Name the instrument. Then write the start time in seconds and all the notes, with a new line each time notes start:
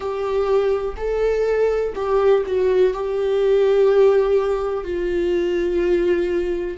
viola
0.00 G4
0.96 A4
1.95 G4
2.45 F#4
2.93 G4
4.83 F4